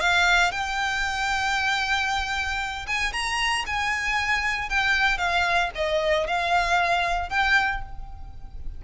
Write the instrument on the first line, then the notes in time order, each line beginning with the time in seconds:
violin
0.00 F5
0.51 G5
2.87 G#5
3.12 A#5
3.66 G#5
4.69 G5
5.17 F5
5.74 D#5
6.27 F5
7.29 G5